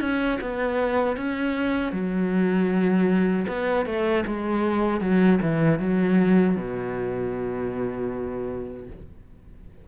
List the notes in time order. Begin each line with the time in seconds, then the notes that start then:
0.00 C#4
0.41 B3
1.16 C#4
1.92 F#3
3.48 B3
3.85 A3
4.26 G#3
5.00 F#3
5.42 E3
5.79 F#3
6.56 B2